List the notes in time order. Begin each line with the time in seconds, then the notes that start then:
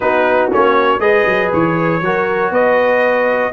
0.00 B3 D#4 F#4 B4
0.51 A#3 C#4 C#5
0.98 G#3 G#4 B4 D#5
1.25 F#3
1.52 E3 C#5
2.01 F#3 F#4 A#4
2.50 B3 B4 D#5